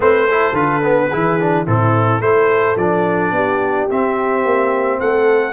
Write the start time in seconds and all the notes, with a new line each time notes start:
0.00 A3 C4 B4 C5
0.27 E4 A4
0.52 D3 F4 B4
0.83 B3
1.08 E3 E4 G#4
1.40 D4
1.66 A2 C4 E4 A4
2.19 A3 E4 A4 C5
2.76 F3 D4 D5
3.31 B3 G4
3.89 C4 E5
4.45 A#3
4.99 A3 A4 F#5